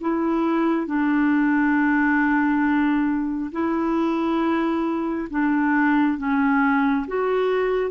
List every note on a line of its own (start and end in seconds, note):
0.00 0.86 E4
0.86 3.51 D4
3.51 5.28 E4
5.30 6.18 D4
6.18 7.06 C#4
7.07 7.90 F#4